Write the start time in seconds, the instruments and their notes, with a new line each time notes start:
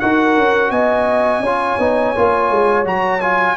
0.00 tuba D#4, trombone F#4, horn A#4, trumpet F#5
0.36 tuba C#4
0.70 tuba B3, horn D#5, trumpet G#5
1.39 tuba C#4, horn C#5
1.46 trombone F4
1.78 tuba B3, trombone D#4
2.15 tuba A#3, trombone F4
2.50 tuba G#3
2.84 tuba F#3, trombone F#4, trumpet A#5
3.20 trombone F4, trumpet G#5